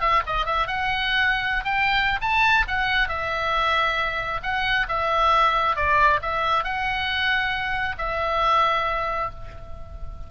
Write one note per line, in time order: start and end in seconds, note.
0.00 0.22 E5
0.26 0.46 D#5
0.46 0.67 E5
0.67 1.64 F#5
1.64 2.19 G5
2.21 2.65 A5
2.67 3.08 F#5
3.08 4.41 E5
4.43 4.87 F#5
4.88 5.76 E5
5.76 6.20 D5
6.21 6.64 E5
6.64 7.96 F#5
7.98 9.30 E5